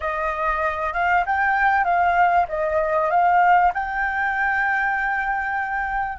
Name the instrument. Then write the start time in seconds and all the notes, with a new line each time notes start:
flute
0.00 D#5
0.93 F5
1.26 G5
1.84 F5
2.48 D#5
3.10 F5
3.73 G5